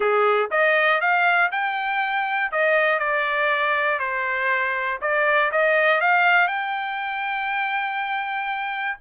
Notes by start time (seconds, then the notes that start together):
0.00 G#4
0.50 D#5
1.00 F5
1.51 G5
2.51 D#5
2.99 D5
3.99 C5
5.01 D5
5.51 D#5
6.00 F5
6.47 G5